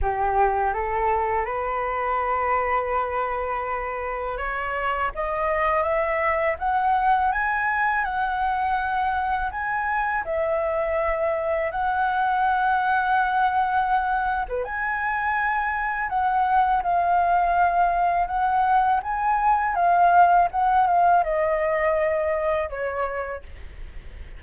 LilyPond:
\new Staff \with { instrumentName = "flute" } { \time 4/4 \tempo 4 = 82 g'4 a'4 b'2~ | b'2 cis''4 dis''4 | e''4 fis''4 gis''4 fis''4~ | fis''4 gis''4 e''2 |
fis''2.~ fis''8. b'16 | gis''2 fis''4 f''4~ | f''4 fis''4 gis''4 f''4 | fis''8 f''8 dis''2 cis''4 | }